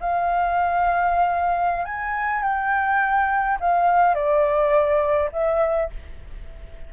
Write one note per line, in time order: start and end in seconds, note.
0.00 1.85 F5
1.85 2.43 G#5
2.43 3.58 G5
3.60 4.15 F5
4.15 5.30 D5
5.32 5.90 E5